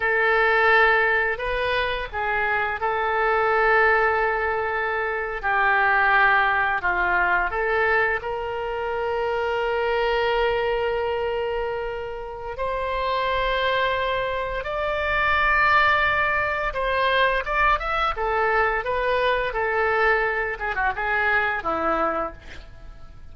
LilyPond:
\new Staff \with { instrumentName = "oboe" } { \time 4/4 \tempo 4 = 86 a'2 b'4 gis'4 | a'2.~ a'8. g'16~ | g'4.~ g'16 f'4 a'4 ais'16~ | ais'1~ |
ais'2 c''2~ | c''4 d''2. | c''4 d''8 e''8 a'4 b'4 | a'4. gis'16 fis'16 gis'4 e'4 | }